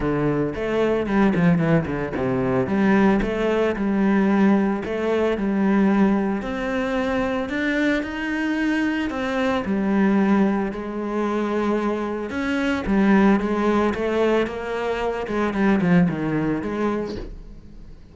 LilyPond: \new Staff \with { instrumentName = "cello" } { \time 4/4 \tempo 4 = 112 d4 a4 g8 f8 e8 d8 | c4 g4 a4 g4~ | g4 a4 g2 | c'2 d'4 dis'4~ |
dis'4 c'4 g2 | gis2. cis'4 | g4 gis4 a4 ais4~ | ais8 gis8 g8 f8 dis4 gis4 | }